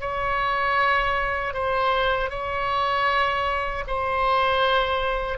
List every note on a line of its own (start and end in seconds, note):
0.00 1.54 C#5
1.54 2.30 C5
2.30 3.84 C#5
3.87 5.38 C5